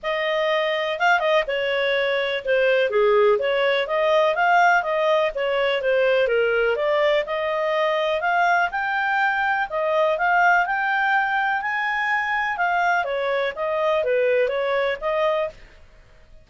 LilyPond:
\new Staff \with { instrumentName = "clarinet" } { \time 4/4 \tempo 4 = 124 dis''2 f''8 dis''8 cis''4~ | cis''4 c''4 gis'4 cis''4 | dis''4 f''4 dis''4 cis''4 | c''4 ais'4 d''4 dis''4~ |
dis''4 f''4 g''2 | dis''4 f''4 g''2 | gis''2 f''4 cis''4 | dis''4 b'4 cis''4 dis''4 | }